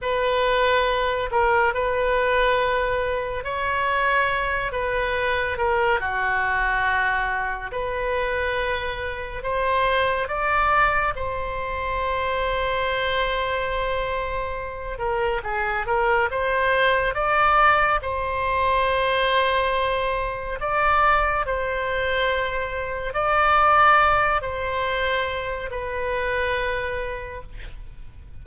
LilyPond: \new Staff \with { instrumentName = "oboe" } { \time 4/4 \tempo 4 = 70 b'4. ais'8 b'2 | cis''4. b'4 ais'8 fis'4~ | fis'4 b'2 c''4 | d''4 c''2.~ |
c''4. ais'8 gis'8 ais'8 c''4 | d''4 c''2. | d''4 c''2 d''4~ | d''8 c''4. b'2 | }